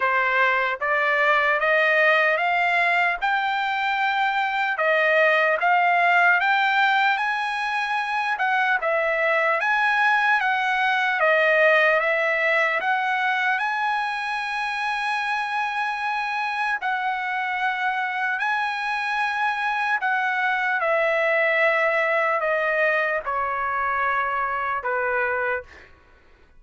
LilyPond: \new Staff \with { instrumentName = "trumpet" } { \time 4/4 \tempo 4 = 75 c''4 d''4 dis''4 f''4 | g''2 dis''4 f''4 | g''4 gis''4. fis''8 e''4 | gis''4 fis''4 dis''4 e''4 |
fis''4 gis''2.~ | gis''4 fis''2 gis''4~ | gis''4 fis''4 e''2 | dis''4 cis''2 b'4 | }